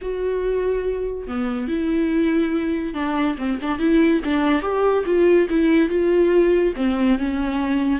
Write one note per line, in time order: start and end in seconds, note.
0.01 1.27 F#4
1.27 1.68 B3
1.68 2.94 E4
2.94 3.36 D4
3.38 3.59 C4
3.61 3.78 D4
3.78 4.21 E4
4.24 4.62 D4
4.62 5.04 G4
5.05 5.48 F4
5.49 5.89 E4
5.89 6.73 F4
6.76 7.18 C4
7.18 7.99 C#4